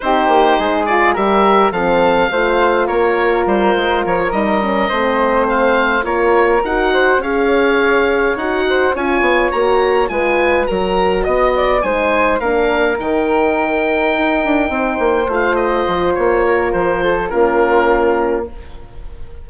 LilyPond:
<<
  \new Staff \with { instrumentName = "oboe" } { \time 4/4 \tempo 4 = 104 c''4. d''8 e''4 f''4~ | f''4 cis''4 c''4 cis''8 dis''8~ | dis''4. f''4 cis''4 fis''8~ | fis''8 f''2 fis''4 gis''8~ |
gis''8 ais''4 gis''4 ais''4 dis''8~ | dis''8 gis''4 f''4 g''4.~ | g''2~ g''8 f''8 dis''4 | cis''4 c''4 ais'2 | }
  \new Staff \with { instrumentName = "flute" } { \time 4/4 g'4 gis'4 ais'4 a'4 | c''4 ais'2.~ | ais'8 c''2 ais'4. | c''8 cis''2~ cis''8 c''8 cis''8~ |
cis''4. b'4 ais'4 dis''8 | d''8 c''4 ais'2~ ais'8~ | ais'4. c''2~ c''8~ | c''8 ais'4 a'8 f'2 | }
  \new Staff \with { instrumentName = "horn" } { \time 4/4 dis'4. f'8 g'4 c'4 | f'2.~ f'8 dis'8 | cis'8 c'2 f'4 fis'8~ | fis'8 gis'2 fis'4 f'8~ |
f'8 fis'4 f'4 fis'4.~ | fis'8 dis'4 d'4 dis'4.~ | dis'2~ dis'8 f'4.~ | f'2 cis'2 | }
  \new Staff \with { instrumentName = "bassoon" } { \time 4/4 c'8 ais8 gis4 g4 f4 | a4 ais4 g8 gis8 f8 g8~ | g8 a2 ais4 dis'8~ | dis'8 cis'2 dis'4 cis'8 |
b8 ais4 gis4 fis4 b8~ | b8 gis4 ais4 dis4.~ | dis8 dis'8 d'8 c'8 ais8 a4 f8 | ais4 f4 ais2 | }
>>